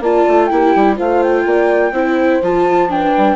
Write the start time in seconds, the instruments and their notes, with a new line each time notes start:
0.00 bassoon A#3, viola F4, horn D5, flute A5
0.28 bassoon A3
0.46 bassoon A#3, viola E4, flute G5
0.53 horn G4
0.75 bassoon G3
0.96 bassoon A3, viola F4, horn C5, flute F5
1.23 flute G5
1.45 bassoon A#3, horn D5
1.92 bassoon C4, viola E4, horn C5
2.42 bassoon F3, viola F4, flute A5
2.89 viola D4, horn B4, flute G5
3.17 bassoon G3